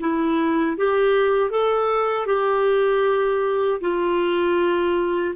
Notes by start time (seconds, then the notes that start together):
0.00 E4
0.77 G4
1.50 A4
2.26 G4
3.81 F4